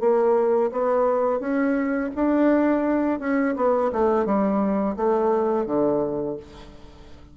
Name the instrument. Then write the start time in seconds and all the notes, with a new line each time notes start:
bassoon
0.00 A#3
0.72 B3
1.40 C#4
2.15 D4
3.20 C#4
3.56 B3
3.92 A3
4.25 G3
4.96 A3
5.66 D3